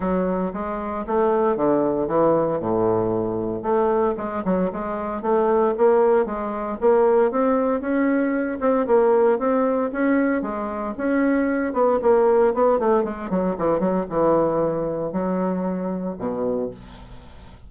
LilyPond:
\new Staff \with { instrumentName = "bassoon" } { \time 4/4 \tempo 4 = 115 fis4 gis4 a4 d4 | e4 a,2 a4 | gis8 fis8 gis4 a4 ais4 | gis4 ais4 c'4 cis'4~ |
cis'8 c'8 ais4 c'4 cis'4 | gis4 cis'4. b8 ais4 | b8 a8 gis8 fis8 e8 fis8 e4~ | e4 fis2 b,4 | }